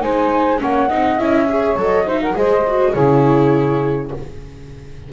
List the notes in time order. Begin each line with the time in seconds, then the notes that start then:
0.00 G#3 D#4 C5 G#5
0.58 A#3 C#4 C#5 F#5
0.88 C4 D#4 D#5
1.18 C#4 E4 E5
1.48 G#4 C#5
1.75 F#3 A4
1.82 D#5
2.05 D#4 C5 E5
2.22 A#4 F#5
2.33 G#3 G#4 C5 D#5
2.67 F#4
2.92 C#3 E4 G#4 C#5